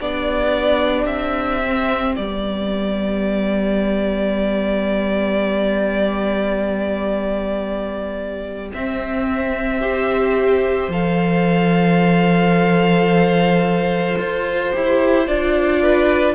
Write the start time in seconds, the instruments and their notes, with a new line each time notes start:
0.00 cello B3, viola D4, violin G4 D5
1.05 cello C4, violin E5
1.65 viola C4
2.15 cello G3, viola B3, violin D5
8.74 cello C4, viola C4, violin E5
9.81 viola G4, violin C5
10.88 cello F3, viola A4, violin F5
14.18 cello F4, violin C5
14.72 cello E4, viola G4
15.27 cello D4, viola F4, violin D5
15.82 violin B4